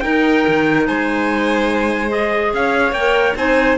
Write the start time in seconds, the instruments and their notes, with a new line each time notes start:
0.00 clarinet D#4, cello D#4, violin A#4, trumpet G5
0.47 cello D#3
0.87 cello G#3, violin C5, trumpet G#5
2.09 clarinet G#4, trumpet D#5
2.53 cello C#4, violin C#5, trumpet F5
2.92 cello A#3, trumpet G5
2.98 clarinet A#4
3.35 cello C4, clarinet D#4, violin C5, trumpet G#5